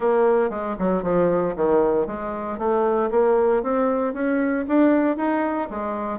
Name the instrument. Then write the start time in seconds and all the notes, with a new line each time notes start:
bassoon
0.00 A#3
0.50 G#3
0.79 F#3
1.03 F3
1.55 D#3
2.07 G#3
2.58 A3
3.11 A#3
3.62 C4
4.13 C#4
4.68 D4
5.17 D#4
5.70 G#3